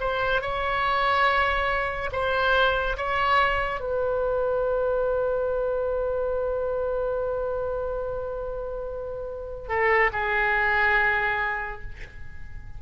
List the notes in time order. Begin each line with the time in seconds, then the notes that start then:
0.00 C5
0.41 C#5
2.12 C5
2.97 C#5
3.80 B4
9.68 A4
10.13 G#4